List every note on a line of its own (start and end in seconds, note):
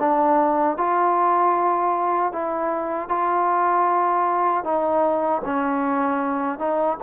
0.00 0.78 D4
0.78 2.33 F4
2.33 3.09 E4
3.09 4.64 F4
4.64 5.42 D#4
5.45 6.59 C#4
6.59 6.98 D#4